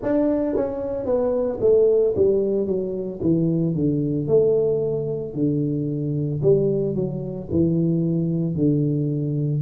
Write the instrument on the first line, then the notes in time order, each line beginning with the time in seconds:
tuba
0.02 D4
0.56 C#4
1.05 B3
1.60 A3
2.16 G3
2.66 F#3
3.21 E3
3.75 D3
4.27 A3
5.34 D3
6.42 G3
6.95 F#3
7.51 E3
8.55 D3